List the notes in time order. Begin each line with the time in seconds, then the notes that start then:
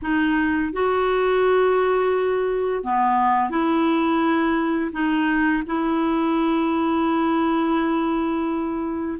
0.02 D#4
0.73 F#4
2.83 B3
3.50 E4
4.92 D#4
5.66 E4